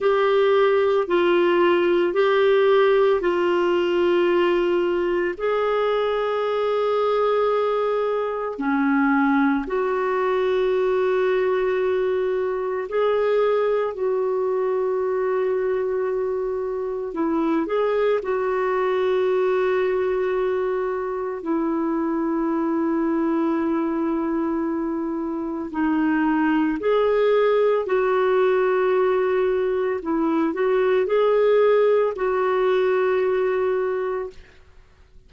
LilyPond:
\new Staff \with { instrumentName = "clarinet" } { \time 4/4 \tempo 4 = 56 g'4 f'4 g'4 f'4~ | f'4 gis'2. | cis'4 fis'2. | gis'4 fis'2. |
e'8 gis'8 fis'2. | e'1 | dis'4 gis'4 fis'2 | e'8 fis'8 gis'4 fis'2 | }